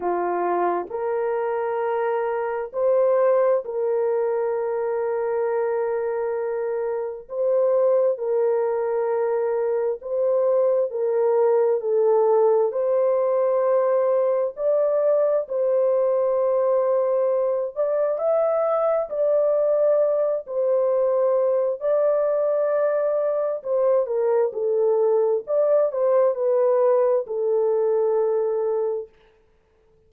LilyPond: \new Staff \with { instrumentName = "horn" } { \time 4/4 \tempo 4 = 66 f'4 ais'2 c''4 | ais'1 | c''4 ais'2 c''4 | ais'4 a'4 c''2 |
d''4 c''2~ c''8 d''8 | e''4 d''4. c''4. | d''2 c''8 ais'8 a'4 | d''8 c''8 b'4 a'2 | }